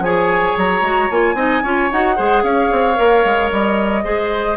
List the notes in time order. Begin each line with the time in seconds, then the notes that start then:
0.00 F3 G#4 C#5 G#5
0.57 F#3 A#5
0.82 G#3 F#4
1.11 A#3 F4 G#5
1.35 C4 D#4 D#5
1.63 C#4 F4 C#5
1.92 D#4 F#4 F#5
2.16 G#3 G#4 C5
2.44 C#4 C#5 F5
2.72 C4
2.95 A#3 A#4
3.25 G#3
3.52 G3 D#5
4.04 G#3 G#4 C5